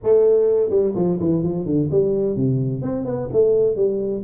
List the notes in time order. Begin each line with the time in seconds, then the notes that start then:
0.03 A3
0.70 G3
0.95 F3
1.20 E3
1.43 F3
1.65 D3
1.91 G3
2.35 C3
2.82 C4
3.05 B3
3.32 A3
3.75 G3